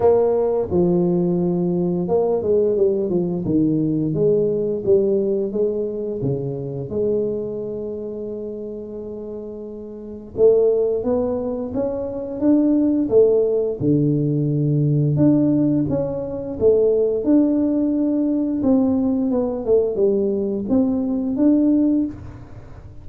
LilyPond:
\new Staff \with { instrumentName = "tuba" } { \time 4/4 \tempo 4 = 87 ais4 f2 ais8 gis8 | g8 f8 dis4 gis4 g4 | gis4 cis4 gis2~ | gis2. a4 |
b4 cis'4 d'4 a4 | d2 d'4 cis'4 | a4 d'2 c'4 | b8 a8 g4 c'4 d'4 | }